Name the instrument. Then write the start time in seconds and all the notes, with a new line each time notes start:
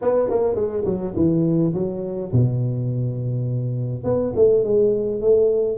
tuba
0.01 B3
0.29 A#3
0.55 G#3
0.85 F#3
1.15 E3
1.74 F#3
2.32 B2
4.04 B3
4.35 A3
4.64 G#3
5.21 A3